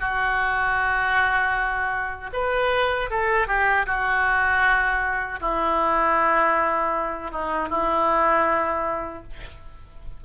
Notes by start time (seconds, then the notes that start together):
0.00 F#4
2.33 B4
3.10 A4
3.48 G4
3.86 F#4
5.41 E4
7.32 D#4
7.69 E4